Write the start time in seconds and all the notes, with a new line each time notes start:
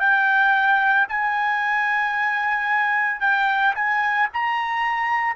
0.00 G5
1.09 G#5
3.21 G5
3.75 G#5
4.33 A#5